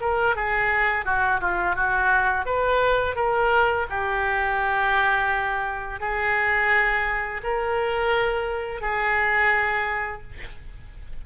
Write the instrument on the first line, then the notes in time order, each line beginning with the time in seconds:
oboe
0.00 A#4
0.35 G#4
1.05 F#4
1.41 F4
1.75 F#4
2.45 B4
3.15 A#4
3.90 G4
6.00 G#4
7.43 A#4
8.81 G#4